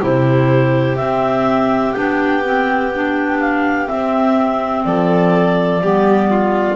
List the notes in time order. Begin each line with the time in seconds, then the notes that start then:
0.00 C3 E4 G4 C5
0.97 C4 E5
1.93 B3 D4 G5
2.44 C4
2.95 D4
3.40 F5
3.87 C4 E5
4.85 F3 A4 D5
5.82 G3 B3 G4
6.31 F4